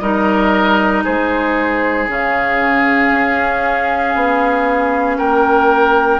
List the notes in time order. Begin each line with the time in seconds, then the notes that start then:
0.00 G3 D#4 A#4 D#5
1.04 G#3 G#4 C5
2.08 C#3 C#4 F5
3.12 C#4
4.15 B3
5.18 A#3 A#4 G5